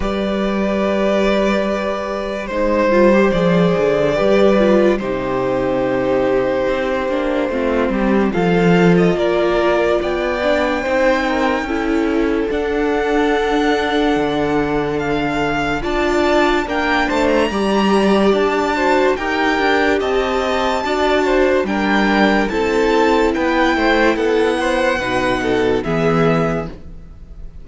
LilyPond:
<<
  \new Staff \with { instrumentName = "violin" } { \time 4/4 \tempo 4 = 72 d''2. c''4 | d''2 c''2~ | c''2 f''8. dis''16 d''4 | g''2. fis''4~ |
fis''2 f''4 a''4 | g''8 a''16 ais''4~ ais''16 a''4 g''4 | a''2 g''4 a''4 | g''4 fis''2 e''4 | }
  \new Staff \with { instrumentName = "violin" } { \time 4/4 b'2. c''4~ | c''4 b'4 g'2~ | g'4 f'8 g'8 a'4 ais'4 | d''4 c''8 ais'8 a'2~ |
a'2. d''4 | ais'8 c''8 d''4. c''8 ais'4 | dis''4 d''8 c''8 ais'4 a'4 | b'8 c''8 a'8 c''8 b'8 a'8 gis'4 | }
  \new Staff \with { instrumentName = "viola" } { \time 4/4 g'2. dis'8 f'16 g'16 | gis'4 g'8 f'8 dis'2~ | dis'8 d'8 c'4 f'2~ | f'8 d'8 dis'4 e'4 d'4~ |
d'2. f'4 | d'4 g'4. fis'8 g'4~ | g'4 fis'4 d'4 e'4~ | e'2 dis'4 b4 | }
  \new Staff \with { instrumentName = "cello" } { \time 4/4 g2. gis8 g8 | f8 d8 g4 c2 | c'8 ais8 a8 g8 f4 ais4 | b4 c'4 cis'4 d'4~ |
d'4 d2 d'4 | ais8 a8 g4 d'4 dis'8 d'8 | c'4 d'4 g4 c'4 | b8 a8 b4 b,4 e4 | }
>>